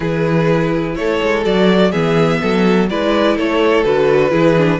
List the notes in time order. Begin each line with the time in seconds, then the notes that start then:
0.00 E3 E4 G#4 B4
0.95 A3 A4 C#5
1.22 G#3
1.43 F#3 F#4 D5
1.91 E3 B3 G#4 E5
2.41 F#3 A4
2.89 G#3 E4 B4 D5
3.36 A3 A4 C#5
3.83 D3 F#4 B4
4.30 E3 E4 G#4
4.57 D4